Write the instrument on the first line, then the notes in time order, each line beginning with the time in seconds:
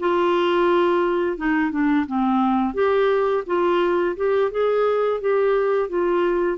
clarinet
0.00 F4
1.38 D#4
1.72 D4
2.07 C4
2.74 G4
3.47 F4
4.17 G4
4.52 G#4
5.21 G4
5.90 F4